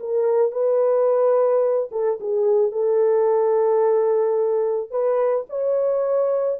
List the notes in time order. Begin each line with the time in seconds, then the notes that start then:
0.00 A#4
0.52 B4
1.91 A4
2.20 G#4
2.71 A4
4.91 B4
5.49 C#5